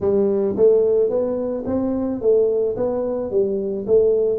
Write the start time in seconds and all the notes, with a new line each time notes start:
0.00 G3
0.56 A3
1.09 B3
1.66 C4
2.21 A3
2.76 B3
3.31 G3
3.87 A3